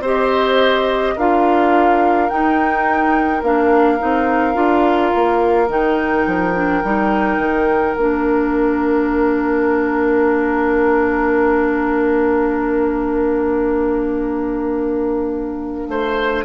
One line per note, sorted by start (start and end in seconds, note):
0.00 1.13 C4
0.00 1.17 G4
0.00 1.15 C5
0.06 1.18 D#5
1.16 2.31 D4
1.16 2.29 F4
1.16 15.87 A#4
1.16 2.29 F5
2.29 3.42 D#4
2.29 3.43 D#4
2.29 3.43 G5
3.43 3.99 A#3
3.43 3.99 D4
3.43 5.70 F5
3.99 4.55 C4
3.99 4.54 D#4
4.54 5.12 D4
4.54 5.67 F4
5.15 5.68 A#3
5.68 6.25 D#3
5.68 6.54 D#4
5.68 7.96 G5
6.26 6.83 F3
6.54 6.83 D4
6.84 7.38 G3
6.84 7.97 D#4
7.38 7.95 D#3
7.96 15.88 A#3
7.96 16.45 D4
7.96 16.45 F5
15.88 16.45 A3
15.88 16.45 C5